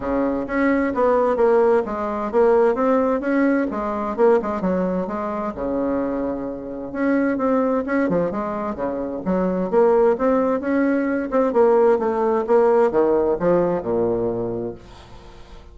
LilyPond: \new Staff \with { instrumentName = "bassoon" } { \time 4/4 \tempo 4 = 130 cis4 cis'4 b4 ais4 | gis4 ais4 c'4 cis'4 | gis4 ais8 gis8 fis4 gis4 | cis2. cis'4 |
c'4 cis'8 f8 gis4 cis4 | fis4 ais4 c'4 cis'4~ | cis'8 c'8 ais4 a4 ais4 | dis4 f4 ais,2 | }